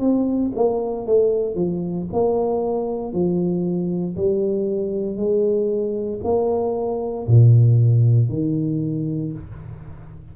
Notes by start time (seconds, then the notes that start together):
0.00 C4
0.55 A#3
1.06 A3
1.55 F3
2.13 A#3
3.13 F3
4.17 G3
5.17 G#3
6.24 A#3
7.27 A#2
8.29 D#3